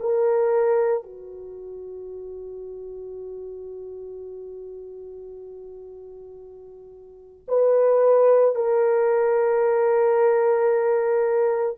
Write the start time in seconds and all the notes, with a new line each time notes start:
0.00 A#4
1.03 F#4
7.48 B4
8.55 A#4